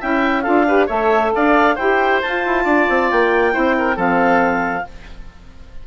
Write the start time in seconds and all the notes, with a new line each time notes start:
0.00 C#4 E4 E5 G5
0.42 D4 F4 A4 F5
0.67 G4 B4
0.86 A3 A4 C#5 E5
1.35 D4 D5 F5
1.75 E4 G4 C5 G5
2.21 F4 A5
2.46 E4
2.64 D4 D5
2.89 C4
3.10 A#3 G5
3.51 C4 E4 C5
3.78 A#4
3.95 F3 C4 A4 F5